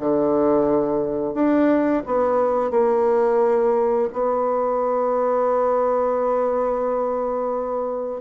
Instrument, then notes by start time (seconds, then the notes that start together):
bassoon
0.00 D3
1.34 D4
2.06 B3
2.71 A#3
4.13 B3